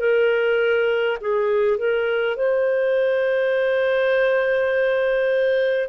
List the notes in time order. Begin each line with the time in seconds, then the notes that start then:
0.00 A#4
1.21 G#4
1.78 A#4
2.36 C5